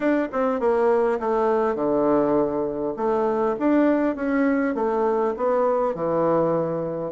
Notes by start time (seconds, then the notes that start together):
0.00 D4
0.32 C4
0.59 A#3
1.19 A3
1.75 D3
2.96 A3
3.59 D4
4.15 C#4
4.74 A3
5.36 B3
5.94 E3